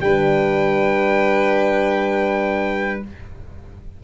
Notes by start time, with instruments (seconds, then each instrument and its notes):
0.00 tuba G3, horn D4, violin B4, trumpet G5